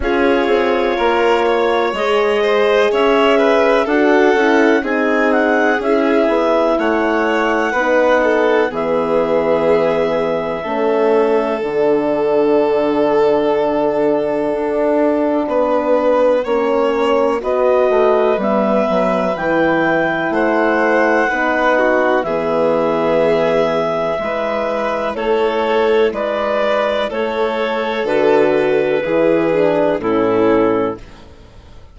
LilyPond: <<
  \new Staff \with { instrumentName = "clarinet" } { \time 4/4 \tempo 4 = 62 cis''2 dis''4 e''4 | fis''4 gis''8 fis''8 e''4 fis''4~ | fis''4 e''2. | fis''1~ |
fis''2 dis''4 e''4 | g''4 fis''2 e''4~ | e''2 cis''4 d''4 | cis''4 b'2 a'4 | }
  \new Staff \with { instrumentName = "violin" } { \time 4/4 gis'4 ais'8 cis''4 c''8 cis''8 b'8 | a'4 gis'2 cis''4 | b'8 a'8 gis'2 a'4~ | a'1 |
b'4 cis''4 b'2~ | b'4 c''4 b'8 fis'8 gis'4~ | gis'4 b'4 a'4 b'4 | a'2 gis'4 e'4 | }
  \new Staff \with { instrumentName = "horn" } { \time 4/4 f'2 gis'2 | fis'8 e'8 dis'4 e'2 | dis'4 b2 cis'4 | d'1~ |
d'4 cis'4 fis'4 b4 | e'2 dis'4 b4~ | b4 e'2.~ | e'4 fis'4 e'8 d'8 cis'4 | }
  \new Staff \with { instrumentName = "bassoon" } { \time 4/4 cis'8 c'8 ais4 gis4 cis'4 | d'8 cis'8 c'4 cis'8 b8 a4 | b4 e2 a4 | d2. d'4 |
b4 ais4 b8 a8 g8 fis8 | e4 a4 b4 e4~ | e4 gis4 a4 gis4 | a4 d4 e4 a,4 | }
>>